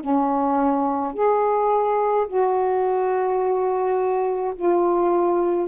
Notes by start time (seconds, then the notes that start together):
0.00 C#4
1.13 G#4
2.27 F#4
4.55 F4